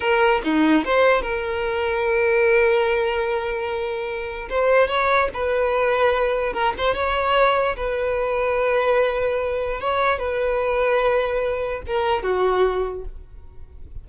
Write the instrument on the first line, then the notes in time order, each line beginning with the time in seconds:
violin
0.00 A#4
0.43 D#4
0.85 C5
1.21 A#4
4.49 C5
4.87 C#5
5.33 B4
6.53 A#4
6.77 C5
6.94 C#5
7.76 B4
9.80 C#5
10.18 B4
11.87 A#4
12.22 F#4